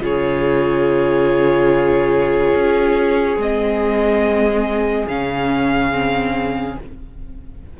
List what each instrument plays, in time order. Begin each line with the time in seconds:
0.00 cello C#3, viola F4, violin G#4 C#5
2.55 cello C#4
3.36 cello G#3, viola C4, violin D#5
5.07 cello C#3, viola C#4, violin F5
5.91 viola C4